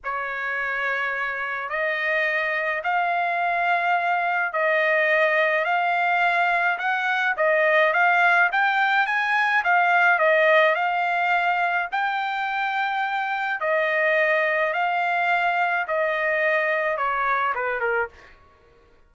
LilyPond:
\new Staff \with { instrumentName = "trumpet" } { \time 4/4 \tempo 4 = 106 cis''2. dis''4~ | dis''4 f''2. | dis''2 f''2 | fis''4 dis''4 f''4 g''4 |
gis''4 f''4 dis''4 f''4~ | f''4 g''2. | dis''2 f''2 | dis''2 cis''4 b'8 ais'8 | }